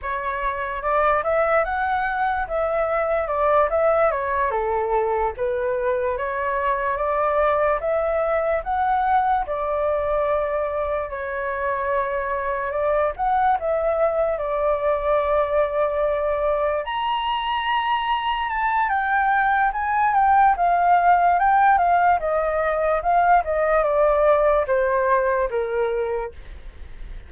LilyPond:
\new Staff \with { instrumentName = "flute" } { \time 4/4 \tempo 4 = 73 cis''4 d''8 e''8 fis''4 e''4 | d''8 e''8 cis''8 a'4 b'4 cis''8~ | cis''8 d''4 e''4 fis''4 d''8~ | d''4. cis''2 d''8 |
fis''8 e''4 d''2~ d''8~ | d''8 ais''2 a''8 g''4 | gis''8 g''8 f''4 g''8 f''8 dis''4 | f''8 dis''8 d''4 c''4 ais'4 | }